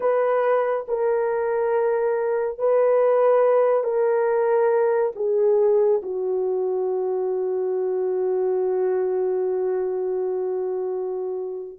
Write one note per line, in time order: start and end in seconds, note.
0.00 0.86 B4
0.88 2.58 A#4
2.58 3.83 B4
3.83 5.12 A#4
5.15 6.01 G#4
6.02 11.78 F#4